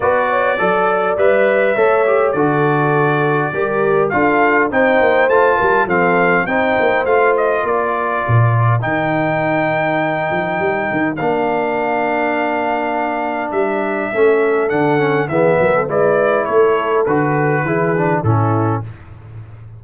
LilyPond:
<<
  \new Staff \with { instrumentName = "trumpet" } { \time 4/4 \tempo 4 = 102 d''2 e''2 | d''2. f''4 | g''4 a''4 f''4 g''4 | f''8 dis''8 d''2 g''4~ |
g''2. f''4~ | f''2. e''4~ | e''4 fis''4 e''4 d''4 | cis''4 b'2 a'4 | }
  \new Staff \with { instrumentName = "horn" } { \time 4/4 b'8 cis''8 d''2 cis''4 | a'2 ais'4 a'4 | c''4. ais'8 a'4 c''4~ | c''4 ais'2.~ |
ais'1~ | ais'1 | a'2 gis'8 ais'16 a'16 b'4 | a'2 gis'4 e'4 | }
  \new Staff \with { instrumentName = "trombone" } { \time 4/4 fis'4 a'4 b'4 a'8 g'8 | fis'2 g'4 f'4 | dis'4 f'4 c'4 dis'4 | f'2. dis'4~ |
dis'2. d'4~ | d'1 | cis'4 d'8 cis'8 b4 e'4~ | e'4 fis'4 e'8 d'8 cis'4 | }
  \new Staff \with { instrumentName = "tuba" } { \time 4/4 b4 fis4 g4 a4 | d2 g4 d'4 | c'8 ais8 a8 g8 f4 c'8 ais8 | a4 ais4 ais,4 dis4~ |
dis4. f8 g8 dis8 ais4~ | ais2. g4 | a4 d4 e8 fis8 gis4 | a4 d4 e4 a,4 | }
>>